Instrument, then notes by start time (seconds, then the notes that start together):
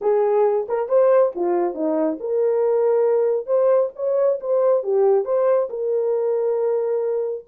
horn
0.01 G#4
0.68 A#4
0.88 C5
1.35 F4
1.74 D#4
2.20 A#4
3.46 C5
3.95 C#5
4.40 C5
4.83 G4
5.25 C5
5.69 A#4